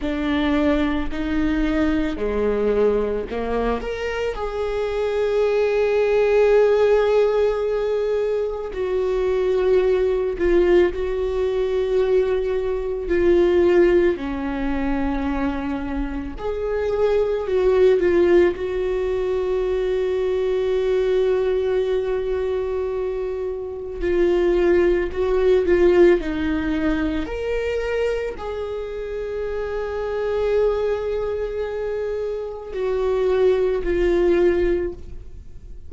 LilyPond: \new Staff \with { instrumentName = "viola" } { \time 4/4 \tempo 4 = 55 d'4 dis'4 gis4 ais8 ais'8 | gis'1 | fis'4. f'8 fis'2 | f'4 cis'2 gis'4 |
fis'8 f'8 fis'2.~ | fis'2 f'4 fis'8 f'8 | dis'4 ais'4 gis'2~ | gis'2 fis'4 f'4 | }